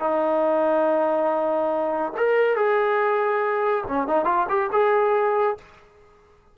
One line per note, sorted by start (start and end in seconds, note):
0.00 2.13 D#4
2.17 2.56 A#4
2.56 3.84 G#4
3.87 4.07 C#4
4.07 4.25 D#4
4.25 4.46 F4
4.49 4.70 G4
4.72 5.57 G#4